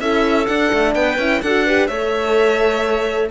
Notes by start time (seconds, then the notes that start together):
0.00 C#4 E4 A4 E5
0.47 D4 F#5
0.73 A3
0.95 B3 B4 G5
1.19 C#4 E4
1.42 D4 F#4 A4 F#5
1.66 G4 B4
1.88 A3 A4 C#5 E5